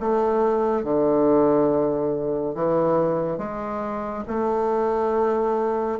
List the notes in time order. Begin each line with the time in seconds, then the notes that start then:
0.00 A3
0.83 D3
2.55 E3
3.38 G#3
4.27 A3